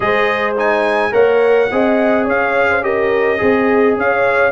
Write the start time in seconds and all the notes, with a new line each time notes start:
0.00 G#3 G#4 C5 D#5
0.56 D#4 G#5
1.11 A#3 A#4 C#5 F#5
1.71 C4 G#4 D#5
2.24 C#4 C#5 F5
2.69 C5
2.81 G4 A#4 D#5
3.38 C4 G#4
3.96 C#4 C#5 F5